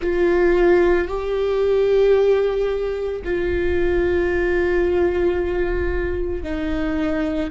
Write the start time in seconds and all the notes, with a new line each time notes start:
0.01 F4
1.07 G4
3.24 F4
6.43 D#4